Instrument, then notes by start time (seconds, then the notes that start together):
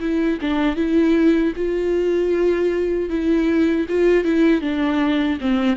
viola
0.00 E4
0.41 D4
0.76 E4
1.56 F4
3.09 E4
3.88 F4
4.24 E4
4.61 D4
5.41 C4